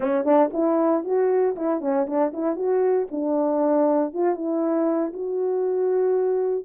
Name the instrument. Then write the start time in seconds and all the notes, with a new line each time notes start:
horn
0.00 C#4
0.24 D4
0.53 E4
1.04 F#4
1.56 E4
1.81 C#4
2.07 D4
2.33 E4
2.55 F#4
3.11 D4
4.13 F4
4.35 E4
5.13 F#4